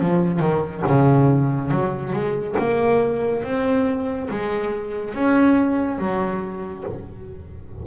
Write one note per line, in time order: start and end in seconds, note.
0.00 0.39 F3
0.39 0.82 D#3
0.86 1.71 C#3
1.71 2.13 F#3
2.13 2.56 G#3
2.58 3.43 A#3
3.43 4.29 C4
4.30 5.14 G#3
5.14 5.98 C#4
5.98 6.84 F#3